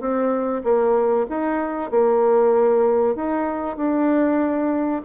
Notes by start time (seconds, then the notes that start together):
0.00 C4
0.64 A#3
1.29 D#4
1.90 A#3
3.15 D#4
3.76 D4